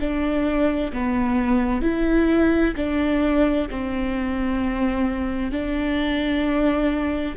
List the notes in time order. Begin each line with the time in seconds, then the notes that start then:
0.00 D4
0.93 B3
1.82 E4
2.76 D4
3.70 C4
5.51 D4